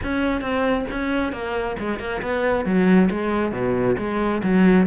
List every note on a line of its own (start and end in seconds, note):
0.03 0.41 C#4
0.41 0.85 C4
0.90 1.32 C#4
1.32 1.76 A#3
1.79 1.99 G#3
1.99 2.21 A#3
2.21 2.65 B3
2.65 3.09 F#3
3.10 3.52 G#3
3.52 3.96 B2
3.98 4.42 G#3
4.43 4.86 F#3